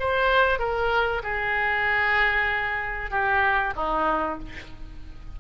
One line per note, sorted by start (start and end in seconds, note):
0.00 0.60 C5
0.60 1.23 A#4
1.24 3.11 G#4
3.11 3.74 G4
3.76 4.40 D#4